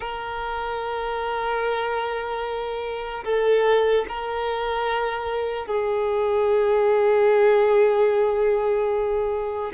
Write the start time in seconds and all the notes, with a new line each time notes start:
0.00 A#4
3.24 A4
4.08 A#4
5.66 G#4